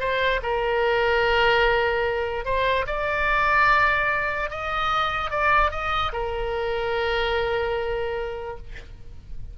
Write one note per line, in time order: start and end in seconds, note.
0.00 0.41 C5
0.43 2.45 A#4
2.45 2.86 C5
2.87 4.50 D5
4.50 5.30 D#5
5.30 5.71 D5
5.71 6.12 D#5
6.13 8.58 A#4